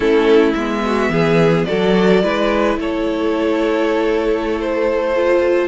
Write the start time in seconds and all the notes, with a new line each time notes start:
0.00 A3 C#4 E4 A4
0.53 G#3 B3 E5
0.85 F#4
1.09 E3 G#4
1.64 F#4 A4 D5
1.71 F#3
2.23 G#3 E4 B4
2.77 A3 A4 C#5
4.60 C5
5.15 F4